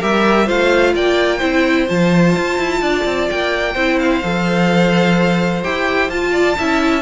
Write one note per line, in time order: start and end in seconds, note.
0.00 0.50 G3
0.00 0.46 G4
0.00 0.46 A#4
0.00 0.49 E5
0.46 0.95 A3
0.46 1.40 F4
0.46 0.93 C5
0.46 0.95 F5
0.95 1.42 A#3
0.95 1.38 D5
0.95 1.89 G5
1.38 1.89 C4
1.38 1.87 E4
1.38 2.79 C5
1.87 2.36 F3
1.87 3.75 F4
1.87 3.30 A5
2.36 2.59 F4
2.59 2.82 E4
2.82 3.05 D4
2.82 3.74 D5
3.05 3.29 C4
3.30 3.75 A#3
3.30 3.99 G5
3.74 4.22 C4
3.74 4.24 E4
3.74 6.31 C5
3.99 5.63 F5
4.24 5.64 F3
4.24 5.64 A4
5.64 6.10 E4
5.64 6.11 G4
5.64 6.10 G5
6.10 6.56 F4
6.10 6.58 F4
6.10 7.02 A5
6.32 6.56 D5
6.58 7.02 C#4
6.58 7.02 E4
6.58 7.02 E5